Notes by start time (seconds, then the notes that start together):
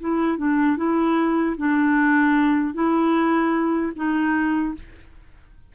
0.00 E4
0.38 D4
0.77 E4
1.57 D4
2.74 E4
3.96 D#4